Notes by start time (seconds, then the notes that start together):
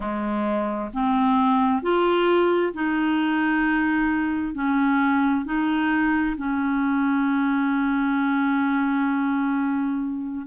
0.00 G#3
0.93 C4
1.82 F4
2.73 D#4
4.54 C#4
5.45 D#4
6.37 C#4